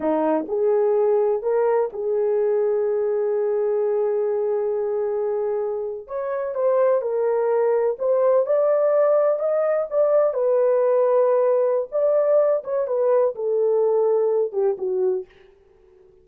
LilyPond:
\new Staff \with { instrumentName = "horn" } { \time 4/4 \tempo 4 = 126 dis'4 gis'2 ais'4 | gis'1~ | gis'1~ | gis'8. cis''4 c''4 ais'4~ ais'16~ |
ais'8. c''4 d''2 dis''16~ | dis''8. d''4 b'2~ b'16~ | b'4 d''4. cis''8 b'4 | a'2~ a'8 g'8 fis'4 | }